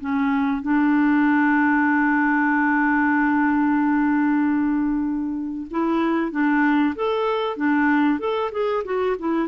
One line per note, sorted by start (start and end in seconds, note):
0.00 0.61 C#4
0.61 5.67 D4
5.70 6.31 E4
6.31 6.94 D4
6.95 7.56 A4
7.56 8.19 D4
8.19 8.50 A4
8.51 8.83 G#4
8.84 9.16 F#4
9.19 9.48 E4